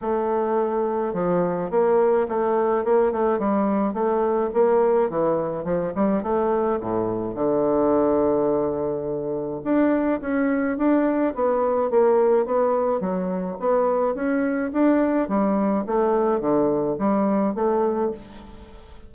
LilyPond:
\new Staff \with { instrumentName = "bassoon" } { \time 4/4 \tempo 4 = 106 a2 f4 ais4 | a4 ais8 a8 g4 a4 | ais4 e4 f8 g8 a4 | a,4 d2.~ |
d4 d'4 cis'4 d'4 | b4 ais4 b4 fis4 | b4 cis'4 d'4 g4 | a4 d4 g4 a4 | }